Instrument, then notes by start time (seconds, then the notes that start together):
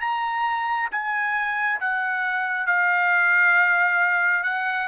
trumpet
0.00 A#5
0.91 G#5
1.80 F#5
2.67 F5
4.43 F#5